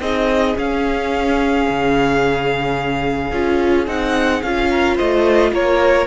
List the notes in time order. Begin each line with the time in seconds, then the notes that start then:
0.00 C4 D#4 G#4 D#5
0.56 C#4 F5
1.69 C#3
3.32 C#4 F4
3.87 C4 D#4 F#5
4.43 C#4 F4 F5
4.70 A#4
4.96 A3 C5 D#5
5.52 A#3 A#4 C#5